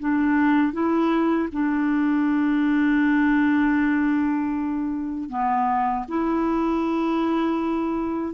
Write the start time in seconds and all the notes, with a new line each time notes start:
0.00 D4
0.73 E4
1.53 D4
5.30 B3
6.09 E4